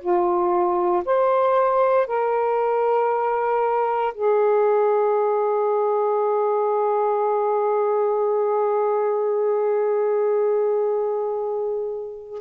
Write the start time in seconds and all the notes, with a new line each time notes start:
0.00 F4
1.05 C5
2.07 A#4
4.14 G#4